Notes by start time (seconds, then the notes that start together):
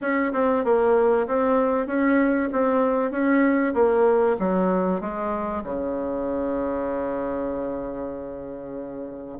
0.01 C#4
0.33 C4
0.64 A#3
1.27 C4
1.86 C#4
2.52 C4
3.11 C#4
3.74 A#3
4.39 F#3
5.00 G#3
5.63 C#3